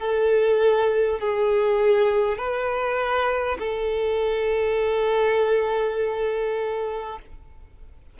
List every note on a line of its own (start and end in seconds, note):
0.00 1.20 A4
1.20 2.38 G#4
2.38 3.58 B4
3.59 7.19 A4